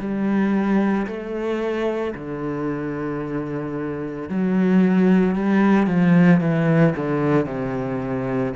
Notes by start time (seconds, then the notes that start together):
0.00 G3
1.07 A3
2.15 D3
4.30 F#3
5.36 G3
5.87 F3
6.41 E3
6.96 D3
7.46 C3